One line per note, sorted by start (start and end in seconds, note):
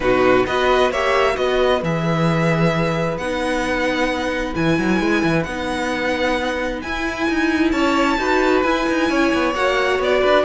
0.00 0.44 B2
0.00 0.46 D#4
0.00 0.46 F#4
0.00 0.46 B4
0.46 0.91 B3
0.46 0.93 F#4
0.46 0.91 B4
0.46 0.91 D#5
0.91 1.36 A#3
0.91 1.34 G4
0.91 1.35 C#5
0.91 1.36 E5
1.34 1.82 B3
1.34 1.79 F#4
1.34 7.71 B4
1.34 1.82 D#5
1.82 3.17 E3
1.82 3.21 G#4
1.82 3.17 E5
3.17 4.54 B3
3.17 4.54 D#4
3.17 4.54 F#5
4.54 4.78 E3
4.54 5.45 E4
4.54 5.43 G#5
4.78 4.99 F#3
4.99 5.22 G#3
5.23 5.46 E3
5.43 6.82 B3
5.43 6.84 D#4
5.43 6.79 F#5
6.82 7.28 E4
6.82 8.18 E4
6.82 7.71 G#5
7.28 7.72 D#4
7.71 8.17 C#4
7.71 8.17 C#5
7.71 8.61 A5
8.17 8.62 D#4
8.17 8.64 F#4
8.17 9.10 B4
8.61 8.86 E4
8.61 9.55 E4
8.61 9.52 G#5
8.89 9.10 D#4
9.10 9.32 C#4
9.10 10.20 C#5
9.33 9.54 B3
9.54 9.99 A#3
9.54 10.44 F#4
9.54 10.00 F#5
9.99 10.21 B3
9.99 10.44 D5
10.20 10.44 D4
10.20 10.43 B4